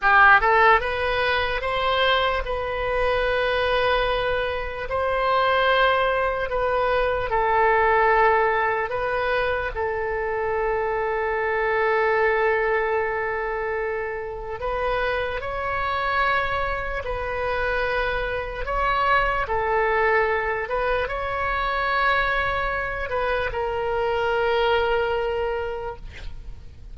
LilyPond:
\new Staff \with { instrumentName = "oboe" } { \time 4/4 \tempo 4 = 74 g'8 a'8 b'4 c''4 b'4~ | b'2 c''2 | b'4 a'2 b'4 | a'1~ |
a'2 b'4 cis''4~ | cis''4 b'2 cis''4 | a'4. b'8 cis''2~ | cis''8 b'8 ais'2. | }